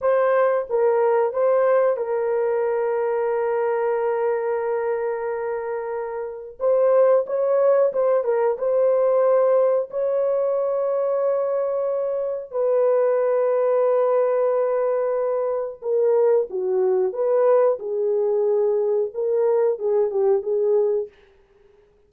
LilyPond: \new Staff \with { instrumentName = "horn" } { \time 4/4 \tempo 4 = 91 c''4 ais'4 c''4 ais'4~ | ais'1~ | ais'2 c''4 cis''4 | c''8 ais'8 c''2 cis''4~ |
cis''2. b'4~ | b'1 | ais'4 fis'4 b'4 gis'4~ | gis'4 ais'4 gis'8 g'8 gis'4 | }